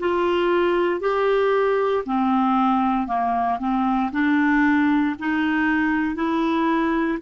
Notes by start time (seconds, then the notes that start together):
0.00 F4
1.01 G4
2.06 C4
3.08 A#3
3.59 C4
4.12 D4
5.20 D#4
6.15 E4